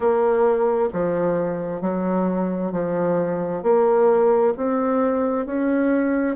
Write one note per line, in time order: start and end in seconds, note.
0.00 0.88 A#3
0.93 1.81 F3
1.81 2.72 F#3
2.72 3.62 F3
3.62 4.53 A#3
4.56 5.45 C4
5.45 6.36 C#4